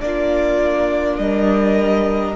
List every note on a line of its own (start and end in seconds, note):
0.00 1.18 A#3
0.00 2.35 D4
0.00 1.21 F4
0.00 1.18 D5
1.18 2.36 G3
1.18 2.36 A#4
1.18 2.36 D#5